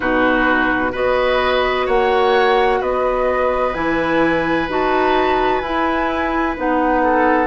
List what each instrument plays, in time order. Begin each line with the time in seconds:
0.00 bassoon B2, clarinet D#4, oboe F#4, flute B4
0.92 bassoon B3, clarinet F#4, oboe B4, flute D#5
1.86 bassoon A#3, oboe C#5, flute F#5
2.80 bassoon B3, oboe B4, flute D#5
3.74 bassoon E3, clarinet E4, flute G#5
4.68 bassoon D#4, clarinet F#4, flute A5
5.61 bassoon E4, clarinet E4, flute G#5
6.56 bassoon B3, clarinet D#4, flute F#5
7.03 oboe A4